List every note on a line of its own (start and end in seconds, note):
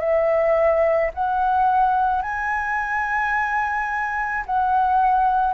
0.00 1.11 E5
1.14 2.22 F#5
2.22 4.44 G#5
4.46 5.54 F#5